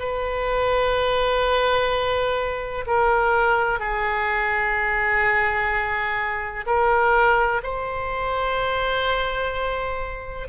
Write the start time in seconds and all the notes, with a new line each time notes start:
0.00 B4
2.87 A#4
3.80 G#4
6.67 A#4
7.63 C5